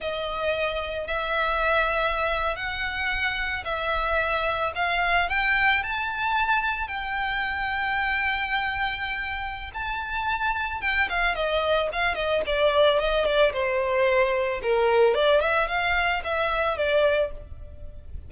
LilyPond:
\new Staff \with { instrumentName = "violin" } { \time 4/4 \tempo 4 = 111 dis''2 e''2~ | e''8. fis''2 e''4~ e''16~ | e''8. f''4 g''4 a''4~ a''16~ | a''8. g''2.~ g''16~ |
g''2 a''2 | g''8 f''8 dis''4 f''8 dis''8 d''4 | dis''8 d''8 c''2 ais'4 | d''8 e''8 f''4 e''4 d''4 | }